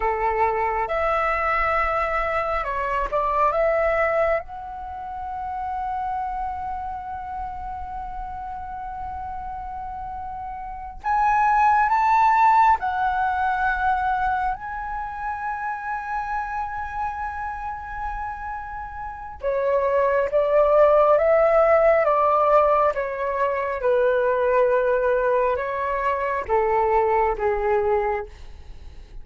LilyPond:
\new Staff \with { instrumentName = "flute" } { \time 4/4 \tempo 4 = 68 a'4 e''2 cis''8 d''8 | e''4 fis''2.~ | fis''1~ | fis''8 gis''4 a''4 fis''4.~ |
fis''8 gis''2.~ gis''8~ | gis''2 cis''4 d''4 | e''4 d''4 cis''4 b'4~ | b'4 cis''4 a'4 gis'4 | }